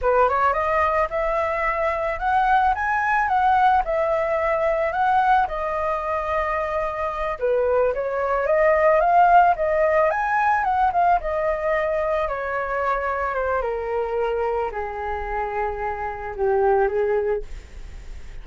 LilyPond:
\new Staff \with { instrumentName = "flute" } { \time 4/4 \tempo 4 = 110 b'8 cis''8 dis''4 e''2 | fis''4 gis''4 fis''4 e''4~ | e''4 fis''4 dis''2~ | dis''4. b'4 cis''4 dis''8~ |
dis''8 f''4 dis''4 gis''4 fis''8 | f''8 dis''2 cis''4.~ | cis''8 c''8 ais'2 gis'4~ | gis'2 g'4 gis'4 | }